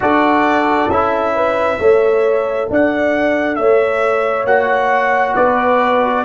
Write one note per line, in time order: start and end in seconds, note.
0.00 0.88 D4
0.00 0.89 F#4
0.00 1.34 A4
0.00 0.90 D5
0.88 1.77 C#4
0.88 1.79 E4
0.88 2.69 E5
1.34 1.79 B4
1.79 2.68 A3
1.79 4.46 A4
1.79 2.70 C#5
2.69 3.58 D4
2.69 3.59 D5
2.69 3.55 F#5
3.55 4.44 A3
3.55 5.35 C#5
3.55 4.45 E5
4.44 5.34 A#3
4.44 6.25 F#4
4.44 5.35 F#5
5.35 6.25 B3
5.35 6.24 B4
5.35 6.25 D5